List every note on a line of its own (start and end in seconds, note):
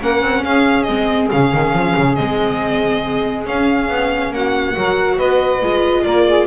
0.00 0.22 A#3
0.00 0.87 C#4
0.00 0.43 A#4
0.00 0.44 F#5
0.22 0.44 C4
0.44 0.87 C#4
0.44 4.32 G#4
0.44 0.83 F5
0.83 1.31 G#3
0.83 1.31 C4
0.83 1.26 D#5
1.30 1.53 C#3
1.30 2.17 C#4
1.30 2.15 F5
1.53 1.73 D#3
1.73 1.94 F3
1.97 2.19 C#3
2.15 3.46 G#3
2.15 3.45 C4
2.15 3.44 D#5
3.45 4.74 C#4
3.45 3.89 C#4
3.45 4.33 F5
3.89 4.31 B3
4.31 4.74 A#3
4.31 4.75 F#4
4.31 5.18 F#5
4.74 5.19 F#3
4.74 5.60 F#4
4.74 5.16 A#4
5.16 5.62 B3
5.16 6.03 B4
5.16 6.03 D#5
5.62 6.05 G#3
5.62 6.47 F4
6.03 6.47 A#3
6.03 6.26 A#4
6.03 6.46 D5
6.27 6.47 G#4